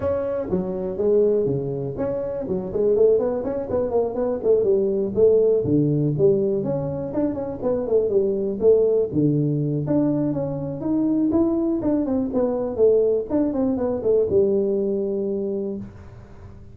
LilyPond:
\new Staff \with { instrumentName = "tuba" } { \time 4/4 \tempo 4 = 122 cis'4 fis4 gis4 cis4 | cis'4 fis8 gis8 a8 b8 cis'8 b8 | ais8 b8 a8 g4 a4 d8~ | d8 g4 cis'4 d'8 cis'8 b8 |
a8 g4 a4 d4. | d'4 cis'4 dis'4 e'4 | d'8 c'8 b4 a4 d'8 c'8 | b8 a8 g2. | }